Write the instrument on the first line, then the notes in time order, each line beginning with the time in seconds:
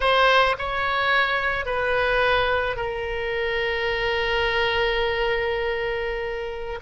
oboe
0.00 C5
0.58 C#5
1.65 B4
2.76 A#4